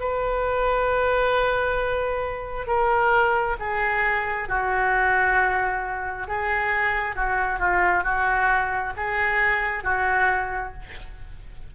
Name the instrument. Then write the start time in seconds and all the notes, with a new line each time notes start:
oboe
0.00 B4
2.67 A#4
3.59 G#4
4.48 F#4
6.27 G#4
7.16 F#4
7.59 F4
8.04 F#4
8.96 G#4
9.83 F#4